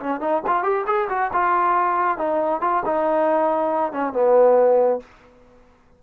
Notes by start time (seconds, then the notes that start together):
0.00 C#4
0.21 D#4
0.47 F4
0.63 G4
0.87 G#4
1.09 F#4
1.33 F4
2.18 D#4
2.61 F4
2.86 D#4
3.92 C#4
4.13 B3